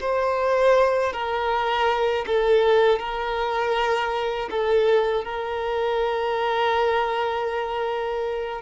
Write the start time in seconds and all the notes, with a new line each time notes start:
0.00 C5
1.12 A#4
2.26 A4
2.99 A#4
4.50 A4
5.24 A#4